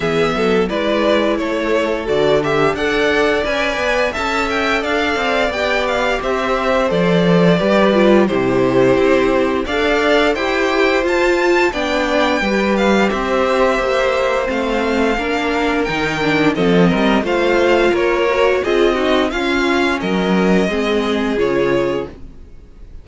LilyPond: <<
  \new Staff \with { instrumentName = "violin" } { \time 4/4 \tempo 4 = 87 e''4 d''4 cis''4 d''8 e''8 | fis''4 gis''4 a''8 g''8 f''4 | g''8 f''8 e''4 d''2 | c''2 f''4 g''4 |
a''4 g''4. f''8 e''4~ | e''4 f''2 g''4 | dis''4 f''4 cis''4 dis''4 | f''4 dis''2 cis''4 | }
  \new Staff \with { instrumentName = "violin" } { \time 4/4 gis'8 a'8 b'4 a'2 | d''2 e''4 d''4~ | d''4 c''2 b'4 | g'2 d''4 c''4~ |
c''4 d''4 b'4 c''4~ | c''2 ais'2 | a'8 ais'8 c''4 ais'4 gis'8 fis'8 | f'4 ais'4 gis'2 | }
  \new Staff \with { instrumentName = "viola" } { \time 4/4 b4 e'2 fis'8 g'8 | a'4 b'4 a'2 | g'2 a'4 g'8 f'8 | e'2 a'4 g'4 |
f'4 d'4 g'2~ | g'4 c'4 d'4 dis'8 d'8 | c'4 f'4. fis'8 f'8 dis'8 | cis'2 c'4 f'4 | }
  \new Staff \with { instrumentName = "cello" } { \time 4/4 e8 fis8 gis4 a4 d4 | d'4 cis'8 b8 cis'4 d'8 c'8 | b4 c'4 f4 g4 | c4 c'4 d'4 e'4 |
f'4 b4 g4 c'4 | ais4 a4 ais4 dis4 | f8 g8 a4 ais4 c'4 | cis'4 fis4 gis4 cis4 | }
>>